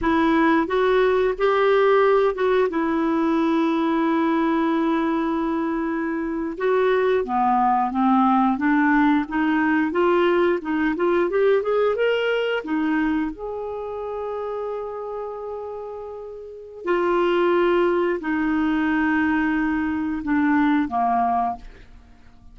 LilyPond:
\new Staff \with { instrumentName = "clarinet" } { \time 4/4 \tempo 4 = 89 e'4 fis'4 g'4. fis'8 | e'1~ | e'4.~ e'16 fis'4 b4 c'16~ | c'8. d'4 dis'4 f'4 dis'16~ |
dis'16 f'8 g'8 gis'8 ais'4 dis'4 gis'16~ | gis'1~ | gis'4 f'2 dis'4~ | dis'2 d'4 ais4 | }